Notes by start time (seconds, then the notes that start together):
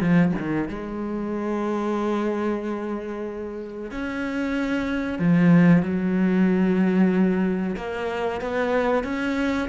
0.00 F3
0.38 D#3
0.68 G#3
3.91 C#4
5.18 F3
5.82 F#3
7.76 A#3
8.41 B3
9.04 C#4